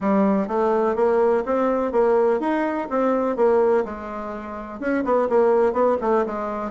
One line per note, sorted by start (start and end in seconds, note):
0.00 0.47 G3
0.47 0.95 A3
0.95 1.43 A#3
1.45 1.92 C4
1.92 2.40 A#3
2.40 2.88 D#4
2.90 3.36 C4
3.36 3.84 A#3
3.84 4.80 G#3
4.80 5.04 C#4
5.04 5.28 B3
5.29 5.73 A#3
5.73 5.97 B3
6.01 6.25 A3
6.26 6.71 G#3